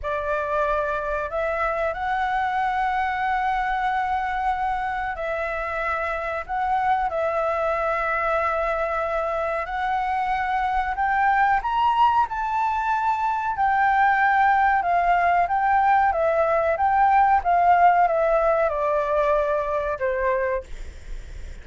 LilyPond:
\new Staff \with { instrumentName = "flute" } { \time 4/4 \tempo 4 = 93 d''2 e''4 fis''4~ | fis''1 | e''2 fis''4 e''4~ | e''2. fis''4~ |
fis''4 g''4 ais''4 a''4~ | a''4 g''2 f''4 | g''4 e''4 g''4 f''4 | e''4 d''2 c''4 | }